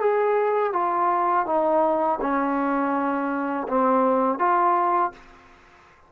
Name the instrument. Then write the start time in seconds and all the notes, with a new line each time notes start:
trombone
0.00 G#4
0.73 F4
1.46 D#4
2.22 C#4
3.69 C4
4.39 F4